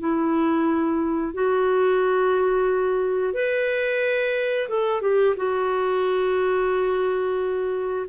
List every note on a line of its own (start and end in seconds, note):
0.00 1.34 E4
1.34 3.34 F#4
3.34 4.69 B4
4.69 5.02 A4
5.02 5.35 G4
5.37 8.07 F#4